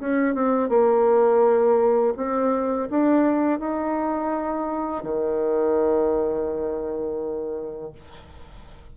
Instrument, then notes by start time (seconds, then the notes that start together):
bassoon
0.00 C#4
0.35 C4
0.70 A#3
2.17 C4
2.91 D4
3.60 D#4
5.03 D#3